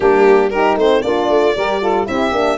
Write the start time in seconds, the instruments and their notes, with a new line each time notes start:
0.00 tuba G3, horn A#3, saxophone D4, violin G4
0.50 horn D#4, saxophone G4, violin A#4
0.76 tuba A3, saxophone C4, violin C5
1.02 tuba A#3, horn D4, saxophone F4, violin D5
1.28 tuba A3
1.56 tuba G3, horn G4, saxophone A#4
1.81 horn F4, saxophone A4
2.05 tuba C4, horn E4, saxophone G4, violin E5
2.31 tuba A#3, horn D4